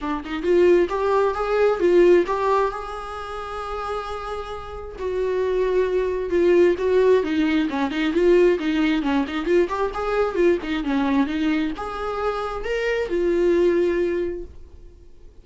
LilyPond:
\new Staff \with { instrumentName = "viola" } { \time 4/4 \tempo 4 = 133 d'8 dis'8 f'4 g'4 gis'4 | f'4 g'4 gis'2~ | gis'2. fis'4~ | fis'2 f'4 fis'4 |
dis'4 cis'8 dis'8 f'4 dis'4 | cis'8 dis'8 f'8 g'8 gis'4 f'8 dis'8 | cis'4 dis'4 gis'2 | ais'4 f'2. | }